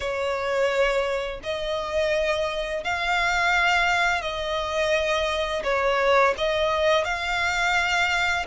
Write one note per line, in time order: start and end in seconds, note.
0.00 1.40 C#5
1.43 2.84 D#5
2.84 4.21 F5
4.21 5.62 D#5
5.63 6.34 C#5
6.37 7.04 D#5
7.04 8.45 F5